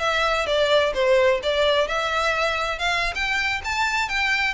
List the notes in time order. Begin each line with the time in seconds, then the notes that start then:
0.00 E5
0.47 D5
0.95 C5
1.43 D5
1.88 E5
2.79 F5
3.15 G5
3.65 A5
4.09 G5